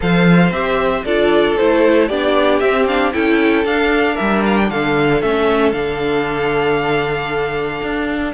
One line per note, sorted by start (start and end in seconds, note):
0.00 0.51 F3
0.00 0.52 A4
0.00 1.04 C5
0.00 0.52 F5
0.51 1.03 C4
0.51 1.05 G4
0.51 1.04 E5
1.04 1.57 D4
1.04 1.58 F4
1.04 2.08 A4
1.04 1.57 D5
1.57 2.10 A3
1.57 2.10 E4
1.57 2.08 C5
2.08 2.60 B3
2.08 2.62 D4
2.08 3.13 G4
2.08 2.59 D5
2.59 3.12 C4
2.59 2.87 C4
2.59 2.85 E5
2.87 3.13 D4
2.87 3.12 F5
3.12 3.64 C#4
3.12 3.64 E4
3.12 4.14 A4
3.12 3.64 G5
3.64 5.21 D4
3.64 4.17 D4
3.64 4.16 F5
4.14 4.66 A#4
4.14 4.42 E5
4.20 4.70 G3
4.46 4.56 F5
4.56 4.69 G5
4.70 5.22 D3
4.70 8.34 A4
4.70 5.21 F5
5.21 5.72 A3
5.21 5.73 C#4
5.21 5.71 E5
5.71 7.81 D3
5.71 8.34 D4
5.71 8.32 F5
7.82 8.34 D4